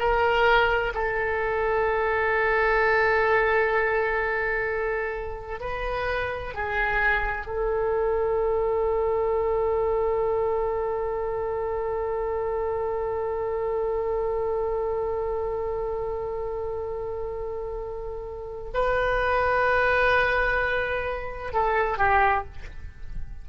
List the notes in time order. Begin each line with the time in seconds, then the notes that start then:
0.00 A#4
0.95 A4
5.61 B4
6.55 G#4
7.47 A4
18.74 B4
21.54 A4
21.98 G4